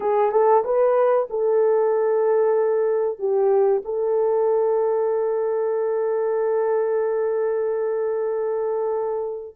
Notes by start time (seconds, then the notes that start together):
0.00 G#4
0.31 A4
0.64 B4
1.30 A4
3.18 G4
3.84 A4